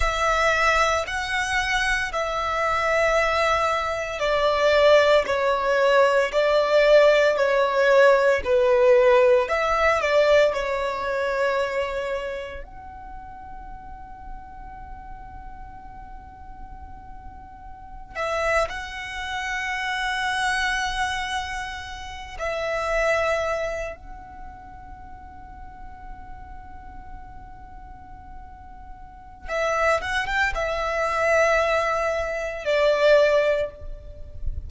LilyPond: \new Staff \with { instrumentName = "violin" } { \time 4/4 \tempo 4 = 57 e''4 fis''4 e''2 | d''4 cis''4 d''4 cis''4 | b'4 e''8 d''8 cis''2 | fis''1~ |
fis''4~ fis''16 e''8 fis''2~ fis''16~ | fis''4~ fis''16 e''4. fis''4~ fis''16~ | fis''1 | e''8 fis''16 g''16 e''2 d''4 | }